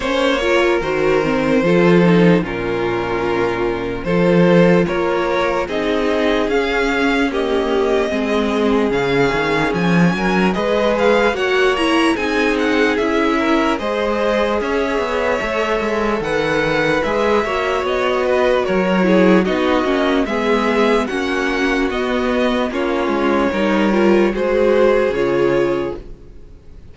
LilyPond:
<<
  \new Staff \with { instrumentName = "violin" } { \time 4/4 \tempo 4 = 74 cis''4 c''2 ais'4~ | ais'4 c''4 cis''4 dis''4 | f''4 dis''2 f''4 | gis''4 dis''8 f''8 fis''8 ais''8 gis''8 fis''8 |
e''4 dis''4 e''2 | fis''4 e''4 dis''4 cis''4 | dis''4 e''4 fis''4 dis''4 | cis''2 c''4 cis''4 | }
  \new Staff \with { instrumentName = "violin" } { \time 4/4 c''8 ais'4. a'4 f'4~ | f'4 a'4 ais'4 gis'4~ | gis'4 g'4 gis'2~ | gis'8 ais'8 b'4 cis''4 gis'4~ |
gis'8 ais'8 c''4 cis''2 | b'4. cis''4 b'8 ais'8 gis'8 | fis'4 gis'4 fis'2 | f'4 ais'4 gis'2 | }
  \new Staff \with { instrumentName = "viola" } { \time 4/4 cis'8 f'8 fis'8 c'8 f'8 dis'8 cis'4~ | cis'4 f'2 dis'4 | cis'4 ais4 c'4 cis'4~ | cis'4 gis'4 fis'8 e'8 dis'4 |
e'4 gis'2 a'4~ | a'4 gis'8 fis'2 e'8 | dis'8 cis'8 b4 cis'4 b4 | cis'4 dis'8 f'8 fis'4 f'4 | }
  \new Staff \with { instrumentName = "cello" } { \time 4/4 ais4 dis4 f4 ais,4~ | ais,4 f4 ais4 c'4 | cis'2 gis4 cis8 dis8 | f8 fis8 gis4 ais4 c'4 |
cis'4 gis4 cis'8 b8 a8 gis8 | dis4 gis8 ais8 b4 fis4 | b8 ais8 gis4 ais4 b4 | ais8 gis8 g4 gis4 cis4 | }
>>